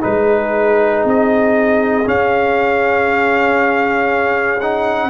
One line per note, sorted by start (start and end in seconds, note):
0.00 1.04 G#3
0.00 2.03 D#4
0.00 5.09 G#4
0.00 1.04 B4
1.04 2.06 C4
1.04 2.08 D#5
2.06 4.60 C#4
2.06 5.09 C#4
2.06 4.60 F5
4.60 5.09 D#4
4.60 5.09 F#5